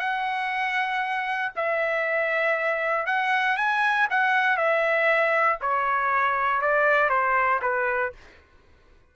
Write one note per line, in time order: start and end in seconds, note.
0.00 1.53 F#5
1.56 3.07 E5
3.07 3.57 F#5
3.57 4.08 G#5
4.11 4.58 F#5
4.58 5.59 E5
5.62 6.62 C#5
6.62 7.10 D5
7.10 7.60 C5
7.62 8.13 B4